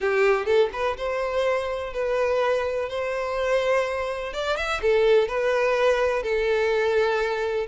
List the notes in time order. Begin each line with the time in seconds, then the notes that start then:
0.00 G4
0.45 A4
0.72 B4
0.97 C5
1.93 B4
2.89 C5
4.33 D5
4.56 E5
4.81 A4
5.28 B4
6.22 A4